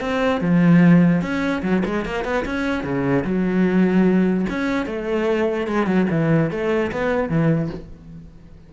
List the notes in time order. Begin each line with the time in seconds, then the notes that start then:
0.00 C4
0.40 F3
1.21 C#4
1.62 F#3
1.85 G#3
2.05 A#3
2.24 B3
2.45 C#4
2.83 C#3
3.24 F#3
4.49 C#4
4.86 A3
5.67 G#3
5.86 F#3
6.10 E3
6.50 A3
6.91 B3
7.29 E3